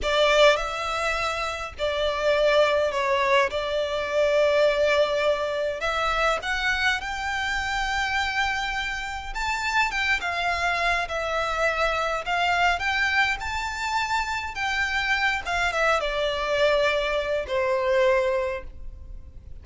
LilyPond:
\new Staff \with { instrumentName = "violin" } { \time 4/4 \tempo 4 = 103 d''4 e''2 d''4~ | d''4 cis''4 d''2~ | d''2 e''4 fis''4 | g''1 |
a''4 g''8 f''4. e''4~ | e''4 f''4 g''4 a''4~ | a''4 g''4. f''8 e''8 d''8~ | d''2 c''2 | }